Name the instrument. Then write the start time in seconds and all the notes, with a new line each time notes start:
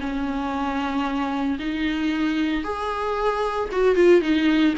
viola
0.00 C#4
1.59 D#4
2.64 G#4
3.72 F#4
3.95 F4
4.21 D#4